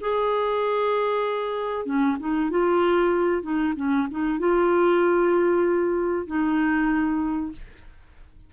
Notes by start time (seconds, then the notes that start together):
0.00 G#4
1.85 C#4
2.19 D#4
2.50 F4
3.42 D#4
3.76 C#4
4.10 D#4
4.39 F4
6.26 D#4